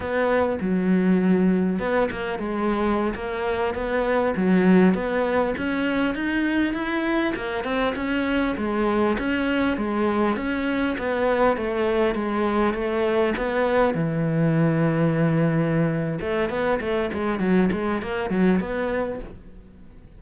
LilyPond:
\new Staff \with { instrumentName = "cello" } { \time 4/4 \tempo 4 = 100 b4 fis2 b8 ais8 | gis4~ gis16 ais4 b4 fis8.~ | fis16 b4 cis'4 dis'4 e'8.~ | e'16 ais8 c'8 cis'4 gis4 cis'8.~ |
cis'16 gis4 cis'4 b4 a8.~ | a16 gis4 a4 b4 e8.~ | e2. a8 b8 | a8 gis8 fis8 gis8 ais8 fis8 b4 | }